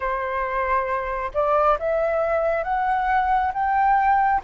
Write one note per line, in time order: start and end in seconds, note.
0.00 1.31 C5
1.34 1.78 D5
1.79 2.63 E5
2.63 3.51 F#5
3.53 4.41 G5